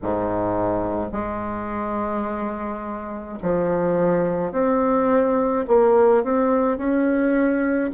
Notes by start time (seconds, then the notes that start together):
0.02 G#2
1.12 G#3
3.42 F3
4.51 C4
5.67 A#3
6.23 C4
6.77 C#4